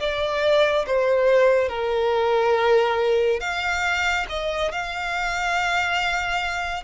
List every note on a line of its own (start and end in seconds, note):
0.00 0.86 D5
0.87 1.69 C5
1.69 3.41 A#4
3.41 4.27 F5
4.29 4.72 D#5
4.72 6.84 F5